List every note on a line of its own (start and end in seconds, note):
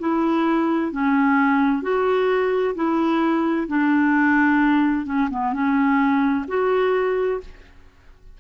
0.00 0.92 E4
0.92 1.83 C#4
1.83 2.75 F#4
2.76 3.68 E4
3.68 5.06 D4
5.06 5.29 C#4
5.31 5.53 B3
5.53 6.46 C#4
6.48 7.41 F#4